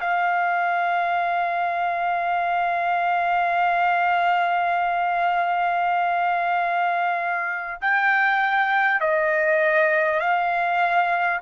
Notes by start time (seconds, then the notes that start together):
0.00 F5
7.81 G5
9.00 D#5
10.20 F5